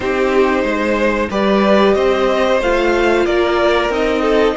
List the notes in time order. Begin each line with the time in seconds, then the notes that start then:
0.00 C4 D#4 G4 C5
0.63 G#3 C5
1.30 G3 G4 B4 D5
1.94 C4 C5 D#5
2.60 A3 F4 F5
3.25 A#3 A#4 D5
3.89 C4 D#4 D#5
4.21 A4